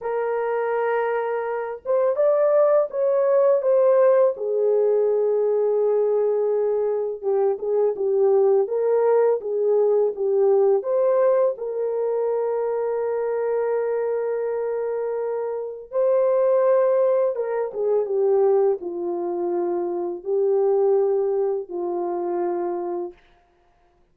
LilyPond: \new Staff \with { instrumentName = "horn" } { \time 4/4 \tempo 4 = 83 ais'2~ ais'8 c''8 d''4 | cis''4 c''4 gis'2~ | gis'2 g'8 gis'8 g'4 | ais'4 gis'4 g'4 c''4 |
ais'1~ | ais'2 c''2 | ais'8 gis'8 g'4 f'2 | g'2 f'2 | }